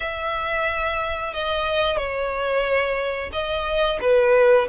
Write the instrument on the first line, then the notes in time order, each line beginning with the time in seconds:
violin
0.00 E5
1.33 D#5
1.97 C#5
3.32 D#5
4.01 B4